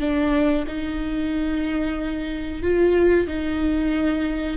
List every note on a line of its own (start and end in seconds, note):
0.00 0.65 D4
0.67 2.62 D#4
2.62 3.27 F4
3.27 4.57 D#4